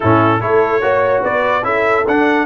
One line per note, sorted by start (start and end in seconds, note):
0.00 0.41 A2
0.00 0.40 C#4
0.00 0.41 E4
0.00 0.41 A4
0.40 0.82 A3
0.40 0.81 E4
0.40 0.81 A4
0.40 1.23 C#5
0.81 1.23 A#3
0.81 1.63 F#4
0.81 1.22 C#5
1.22 1.63 B3
1.22 1.63 B4
1.22 1.64 D5
1.63 2.04 C#4
1.63 2.04 E4
1.63 2.46 A4
1.63 2.05 E5
2.07 2.46 D4
2.07 2.46 F#5